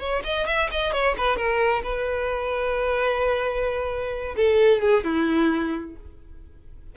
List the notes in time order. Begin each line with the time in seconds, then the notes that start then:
0.00 C#5
0.24 D#5
0.47 E5
0.71 D#5
0.92 C#5
1.18 B4
1.37 A#4
1.83 B4
4.37 A4
4.82 G#4
5.04 E4